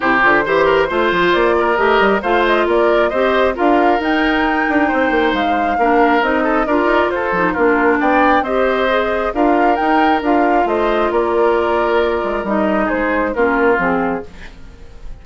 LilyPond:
<<
  \new Staff \with { instrumentName = "flute" } { \time 4/4 \tempo 4 = 135 c''2. d''4 | dis''4 f''8 dis''8 d''4 dis''4 | f''4 g''2. | f''2 dis''4 d''4 |
c''4 ais'4 g''4 dis''4~ | dis''4 f''4 g''4 f''4 | dis''4 d''2. | dis''4 c''4 ais'4 gis'4 | }
  \new Staff \with { instrumentName = "oboe" } { \time 4/4 g'4 c''8 ais'8 c''4. ais'8~ | ais'4 c''4 ais'4 c''4 | ais'2. c''4~ | c''4 ais'4. a'8 ais'4 |
a'4 f'4 d''4 c''4~ | c''4 ais'2. | c''4 ais'2.~ | ais'4 gis'4 f'2 | }
  \new Staff \with { instrumentName = "clarinet" } { \time 4/4 e'8 f'8 g'4 f'2 | g'4 f'2 g'4 | f'4 dis'2.~ | dis'4 d'4 dis'4 f'4~ |
f'8 dis'8 d'2 g'4 | gis'4 f'4 dis'4 f'4~ | f'1 | dis'2 cis'4 c'4 | }
  \new Staff \with { instrumentName = "bassoon" } { \time 4/4 c8 d8 e4 a8 f8 ais4 | a8 g8 a4 ais4 c'4 | d'4 dis'4. d'8 c'8 ais8 | gis4 ais4 c'4 d'8 dis'8 |
f'8 f8 ais4 b4 c'4~ | c'4 d'4 dis'4 d'4 | a4 ais2~ ais8 gis8 | g4 gis4 ais4 f4 | }
>>